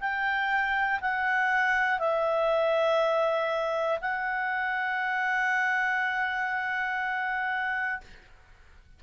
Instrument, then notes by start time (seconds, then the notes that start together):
clarinet
0.00 G5
1.00 F#5
1.99 E5
4.01 F#5